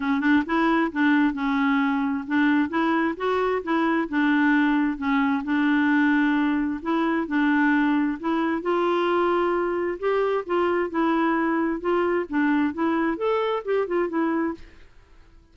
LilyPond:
\new Staff \with { instrumentName = "clarinet" } { \time 4/4 \tempo 4 = 132 cis'8 d'8 e'4 d'4 cis'4~ | cis'4 d'4 e'4 fis'4 | e'4 d'2 cis'4 | d'2. e'4 |
d'2 e'4 f'4~ | f'2 g'4 f'4 | e'2 f'4 d'4 | e'4 a'4 g'8 f'8 e'4 | }